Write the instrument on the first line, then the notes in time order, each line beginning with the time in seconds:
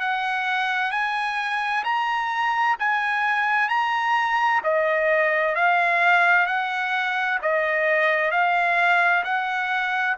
trumpet
0.00 F#5
0.91 G#5
1.84 A#5
2.79 G#5
3.69 A#5
4.63 D#5
5.55 F5
6.46 F#5
7.41 D#5
8.31 F5
9.24 F#5